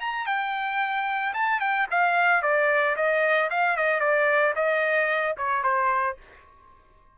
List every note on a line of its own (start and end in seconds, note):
0.00 0.26 A#5
0.26 1.33 G5
1.33 1.60 A5
1.60 1.87 G5
1.90 2.42 F5
2.42 2.95 D5
2.96 3.49 D#5
3.50 3.76 F5
3.76 4.00 D#5
4.00 4.54 D5
4.55 5.35 D#5
5.37 5.63 C#5
5.63 6.17 C5